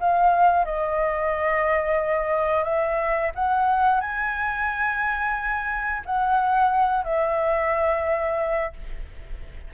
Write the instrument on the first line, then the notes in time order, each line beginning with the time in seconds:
flute
0.00 F5
0.65 D#5
2.64 E5
3.36 F#5
4.01 G#5
6.06 F#5
7.04 E5